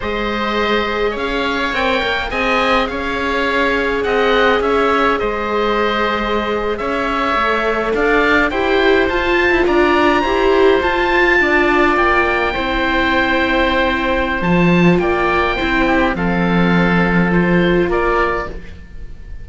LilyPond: <<
  \new Staff \with { instrumentName = "oboe" } { \time 4/4 \tempo 4 = 104 dis''2 f''4 g''4 | gis''4 f''2 fis''4 | e''4 dis''2~ dis''8. e''16~ | e''4.~ e''16 f''4 g''4 a''16~ |
a''8. ais''2 a''4~ a''16~ | a''8. g''2.~ g''16~ | g''4 a''4 g''2 | f''2 c''4 d''4 | }
  \new Staff \with { instrumentName = "oboe" } { \time 4/4 c''2 cis''2 | dis''4 cis''2 dis''4 | cis''4 c''2~ c''8. cis''16~ | cis''4.~ cis''16 d''4 c''4~ c''16~ |
c''8. d''4 c''2 d''16~ | d''4.~ d''16 c''2~ c''16~ | c''2 d''4 c''8 g'8 | a'2. ais'4 | }
  \new Staff \with { instrumentName = "viola" } { \time 4/4 gis'2. ais'4 | gis'1~ | gis'1~ | gis'8. a'2 g'4 f'16~ |
f'4.~ f'16 g'4 f'4~ f'16~ | f'4.~ f'16 e'2~ e'16~ | e'4 f'2 e'4 | c'2 f'2 | }
  \new Staff \with { instrumentName = "cello" } { \time 4/4 gis2 cis'4 c'8 ais8 | c'4 cis'2 c'4 | cis'4 gis2~ gis8. cis'16~ | cis'8. a4 d'4 e'4 f'16~ |
f'8 e'16 d'4 e'4 f'4 d'16~ | d'8. ais4 c'2~ c'16~ | c'4 f4 ais4 c'4 | f2. ais4 | }
>>